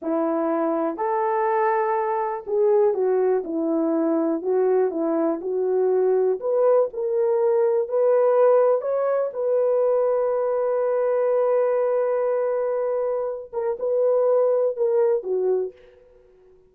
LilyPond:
\new Staff \with { instrumentName = "horn" } { \time 4/4 \tempo 4 = 122 e'2 a'2~ | a'4 gis'4 fis'4 e'4~ | e'4 fis'4 e'4 fis'4~ | fis'4 b'4 ais'2 |
b'2 cis''4 b'4~ | b'1~ | b'2.~ b'8 ais'8 | b'2 ais'4 fis'4 | }